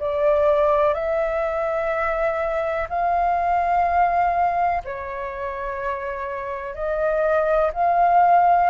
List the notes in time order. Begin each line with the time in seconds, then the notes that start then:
0.00 D5
0.95 E5
2.90 F5
4.85 C#5
6.75 D#5
7.74 F5